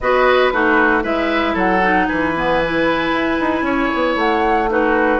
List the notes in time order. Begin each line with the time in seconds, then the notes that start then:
0.01 B3 F#4 B4 D#5
0.49 A3 D#4 F#4 B4
1.02 G#3 E4 B4 E5
1.53 F#3 A4 F#5
1.82 D#4
2.07 E3 B4 G#5
2.36 B3
2.64 E4
3.12 E4
3.40 D#4
3.62 C#4 C#5
3.94 B3
4.15 A3 F#5
4.69 D#4 F#4 B4